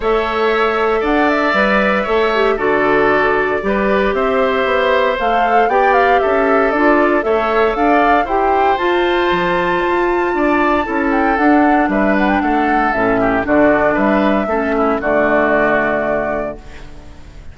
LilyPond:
<<
  \new Staff \with { instrumentName = "flute" } { \time 4/4 \tempo 4 = 116 e''2 fis''8 e''4.~ | e''4 d''2. | e''2 f''4 g''8 f''8 | e''4 d''4 e''4 f''4 |
g''4 a''2.~ | a''4. g''8 fis''4 e''8 fis''16 g''16 | fis''4 e''4 d''4 e''4~ | e''4 d''2. | }
  \new Staff \with { instrumentName = "oboe" } { \time 4/4 cis''2 d''2 | cis''4 a'2 b'4 | c''2. d''4 | a'2 cis''4 d''4 |
c''1 | d''4 a'2 b'4 | a'4. g'8 fis'4 b'4 | a'8 e'8 fis'2. | }
  \new Staff \with { instrumentName = "clarinet" } { \time 4/4 a'2. b'4 | a'8 g'8 fis'2 g'4~ | g'2 a'4 g'4~ | g'4 f'4 a'2 |
g'4 f'2.~ | f'4 e'4 d'2~ | d'4 cis'4 d'2 | cis'4 a2. | }
  \new Staff \with { instrumentName = "bassoon" } { \time 4/4 a2 d'4 g4 | a4 d2 g4 | c'4 b4 a4 b4 | cis'4 d'4 a4 d'4 |
e'4 f'4 f4 f'4 | d'4 cis'4 d'4 g4 | a4 a,4 d4 g4 | a4 d2. | }
>>